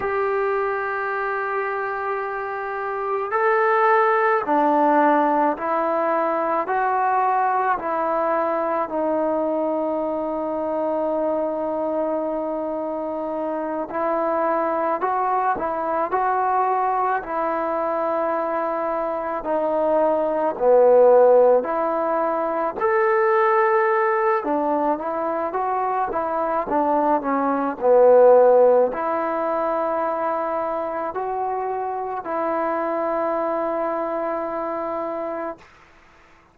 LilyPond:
\new Staff \with { instrumentName = "trombone" } { \time 4/4 \tempo 4 = 54 g'2. a'4 | d'4 e'4 fis'4 e'4 | dis'1~ | dis'8 e'4 fis'8 e'8 fis'4 e'8~ |
e'4. dis'4 b4 e'8~ | e'8 a'4. d'8 e'8 fis'8 e'8 | d'8 cis'8 b4 e'2 | fis'4 e'2. | }